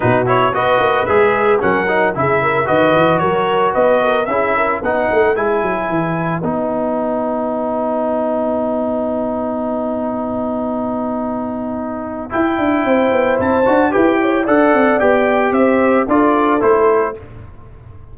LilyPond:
<<
  \new Staff \with { instrumentName = "trumpet" } { \time 4/4 \tempo 4 = 112 b'8 cis''8 dis''4 e''4 fis''4 | e''4 dis''4 cis''4 dis''4 | e''4 fis''4 gis''2 | fis''1~ |
fis''1~ | fis''2. g''4~ | g''4 a''4 g''4 fis''4 | g''4 e''4 d''4 c''4 | }
  \new Staff \with { instrumentName = "horn" } { \time 4/4 fis'4 b'2 ais'4 | gis'8 ais'8 b'4 ais'4 b'8 ais'8 | gis'8 ais'8 b'2.~ | b'1~ |
b'1~ | b'1 | c''2 b'8 cis''8 d''4~ | d''4 c''4 a'2 | }
  \new Staff \with { instrumentName = "trombone" } { \time 4/4 dis'8 e'8 fis'4 gis'4 cis'8 dis'8 | e'4 fis'2. | e'4 dis'4 e'2 | dis'1~ |
dis'1~ | dis'2. e'4~ | e'4. fis'8 g'4 a'4 | g'2 f'4 e'4 | }
  \new Staff \with { instrumentName = "tuba" } { \time 4/4 b,4 b8 ais8 gis4 fis4 | cis4 dis8 e8 fis4 b4 | cis'4 b8 a8 gis8 fis8 e4 | b1~ |
b1~ | b2. e'8 d'8 | c'8 b8 c'8 d'8 e'4 d'8 c'8 | b4 c'4 d'4 a4 | }
>>